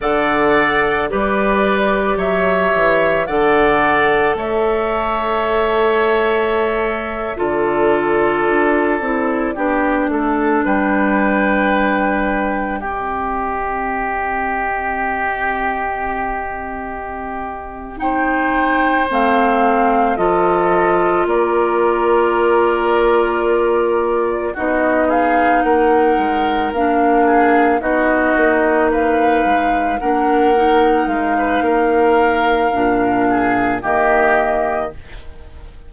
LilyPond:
<<
  \new Staff \with { instrumentName = "flute" } { \time 4/4 \tempo 4 = 55 fis''4 d''4 e''4 fis''4 | e''2~ e''8. d''4~ d''16~ | d''4.~ d''16 g''2 dis''16~ | dis''1~ |
dis''8 g''4 f''4 dis''4 d''8~ | d''2~ d''8 dis''8 f''8 fis''8~ | fis''8 f''4 dis''4 f''4 fis''8~ | fis''8 f''2~ f''8 dis''4 | }
  \new Staff \with { instrumentName = "oboe" } { \time 4/4 d''4 b'4 cis''4 d''4 | cis''2~ cis''8. a'4~ a'16~ | a'8. g'8 a'8 b'2 g'16~ | g'1~ |
g'8 c''2 a'4 ais'8~ | ais'2~ ais'8 fis'8 gis'8 ais'8~ | ais'4 gis'8 fis'4 b'4 ais'8~ | ais'8. b'16 ais'4. gis'8 g'4 | }
  \new Staff \with { instrumentName = "clarinet" } { \time 4/4 a'4 g'2 a'4~ | a'2~ a'8. f'4~ f'16~ | f'16 e'8 d'2. c'16~ | c'1~ |
c'8 dis'4 c'4 f'4.~ | f'2~ f'8 dis'4.~ | dis'8 d'4 dis'2 d'8 | dis'2 d'4 ais4 | }
  \new Staff \with { instrumentName = "bassoon" } { \time 4/4 d4 g4 fis8 e8 d4 | a2~ a8. d4 d'16~ | d'16 c'8 b8 a8 g2 c'16~ | c'1~ |
c'4. a4 f4 ais8~ | ais2~ ais8 b4 ais8 | gis8 ais4 b8 ais4 gis8 ais8~ | ais8 gis8 ais4 ais,4 dis4 | }
>>